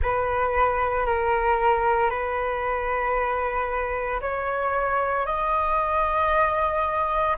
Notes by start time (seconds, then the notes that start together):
0.02 B4
1.05 A#4
2.10 B4
4.21 C#5
5.26 D#5